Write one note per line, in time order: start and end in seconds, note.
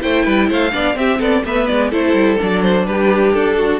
0.00 0.26 A3
0.00 0.71 E4
0.00 0.24 C5
0.00 0.49 G5
0.24 0.50 G3
0.24 0.47 B4
0.48 0.73 A3
0.48 0.72 C5
0.48 0.97 F5
0.72 0.95 B3
0.72 0.95 D4
0.72 0.96 D5
0.95 1.19 C4
0.95 1.43 C4
0.95 1.19 G4
0.95 1.21 E5
1.19 1.43 B3
1.19 1.42 A4
1.19 1.45 D5
1.44 1.68 A3
1.44 1.92 B3
1.44 1.90 B4
1.44 1.67 E5
1.67 1.92 G#3
1.67 1.90 D5
1.90 2.13 A3
1.90 2.37 E4
1.90 2.84 A4
1.90 2.40 C5
2.13 2.37 G3
2.37 2.86 F#3
2.37 3.79 D4
2.37 2.62 D5
2.62 2.86 C5
2.86 3.34 G3
2.86 3.57 G4
2.86 3.32 B4
3.32 3.80 D4
3.32 3.80 A4
3.57 3.80 F#4